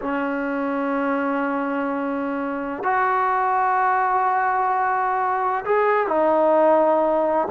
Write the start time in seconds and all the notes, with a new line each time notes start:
0.01 C#4
2.83 F#4
5.64 G#4
6.07 D#4